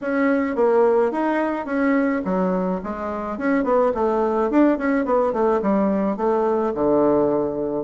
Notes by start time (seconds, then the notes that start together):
0.01 C#4
0.55 A#3
1.11 D#4
1.65 C#4
2.24 F#3
2.83 G#3
3.37 C#4
3.64 B3
3.94 A3
4.50 D4
4.78 C#4
5.05 B3
5.32 A3
5.62 G3
6.17 A3
6.74 D3